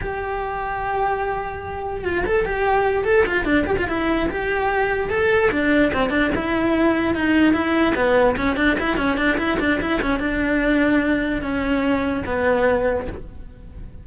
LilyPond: \new Staff \with { instrumentName = "cello" } { \time 4/4 \tempo 4 = 147 g'1~ | g'4 f'8 a'8 g'4. a'8 | f'8 d'8 g'16 f'16 e'4 g'4.~ | g'8 a'4 d'4 c'8 d'8 e'8~ |
e'4. dis'4 e'4 b8~ | b8 cis'8 d'8 e'8 cis'8 d'8 e'8 d'8 | e'8 cis'8 d'2. | cis'2 b2 | }